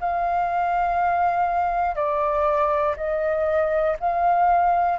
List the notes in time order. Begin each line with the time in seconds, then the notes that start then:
0.00 F5
1.95 D5
2.97 D#5
4.00 F5